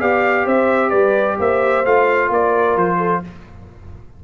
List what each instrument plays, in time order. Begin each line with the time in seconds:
0.00 tuba B3, trombone G4, horn D5, trumpet F5
0.46 tuba C4, horn C5, trumpet E5
0.90 tuba G3, horn B4, trumpet D5
1.39 tuba A#3, horn C5, trumpet E5
1.85 tuba A3, trombone F4, trumpet F5
2.30 tuba A#3, horn A#4, trumpet D5
2.76 tuba F3, trumpet C5
2.98 horn A4